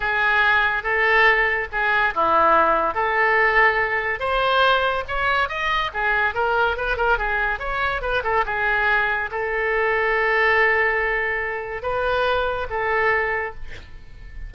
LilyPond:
\new Staff \with { instrumentName = "oboe" } { \time 4/4 \tempo 4 = 142 gis'2 a'2 | gis'4 e'2 a'4~ | a'2 c''2 | cis''4 dis''4 gis'4 ais'4 |
b'8 ais'8 gis'4 cis''4 b'8 a'8 | gis'2 a'2~ | a'1 | b'2 a'2 | }